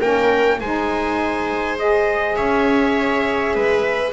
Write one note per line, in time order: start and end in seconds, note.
0.00 0.60 A#3
0.00 0.59 C#4
0.00 0.59 A#4
0.00 0.59 G5
0.60 2.37 G#3
0.60 1.77 D#4
0.60 2.36 C5
0.60 1.78 G#5
1.77 4.12 G#4
1.77 2.36 D#5
2.36 3.55 C#4
2.36 3.54 C#5
2.36 4.12 E5
3.55 4.12 G#3
3.55 4.12 B4